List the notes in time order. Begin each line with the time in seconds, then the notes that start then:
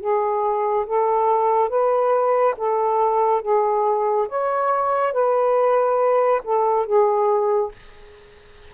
0.00 G#4
0.86 A4
1.69 B4
2.57 A4
3.42 G#4
4.29 C#5
5.13 B4
6.44 A4
6.86 G#4